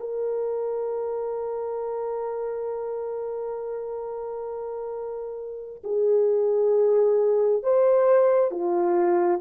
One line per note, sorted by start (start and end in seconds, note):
0.00 5.82 A#4
5.84 7.63 G#4
7.63 8.51 C5
8.51 9.40 F4